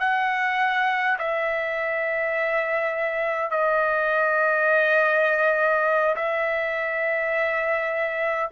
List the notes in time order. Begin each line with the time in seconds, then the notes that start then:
0.00 F#5
1.19 E5
3.51 D#5
6.16 E5